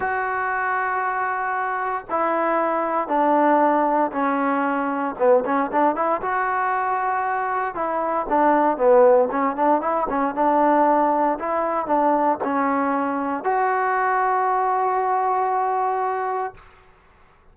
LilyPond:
\new Staff \with { instrumentName = "trombone" } { \time 4/4 \tempo 4 = 116 fis'1 | e'2 d'2 | cis'2 b8 cis'8 d'8 e'8 | fis'2. e'4 |
d'4 b4 cis'8 d'8 e'8 cis'8 | d'2 e'4 d'4 | cis'2 fis'2~ | fis'1 | }